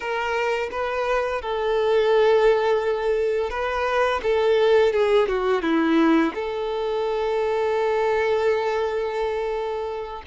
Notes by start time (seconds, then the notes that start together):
0.00 A#4
0.71 B4
1.41 A4
3.50 B4
4.22 A4
4.93 G#4
5.27 F#4
5.62 E4
6.34 A4